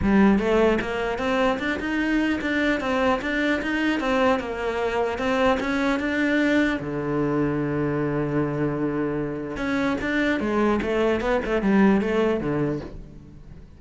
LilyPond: \new Staff \with { instrumentName = "cello" } { \time 4/4 \tempo 4 = 150 g4 a4 ais4 c'4 | d'8 dis'4. d'4 c'4 | d'4 dis'4 c'4 ais4~ | ais4 c'4 cis'4 d'4~ |
d'4 d2.~ | d1 | cis'4 d'4 gis4 a4 | b8 a8 g4 a4 d4 | }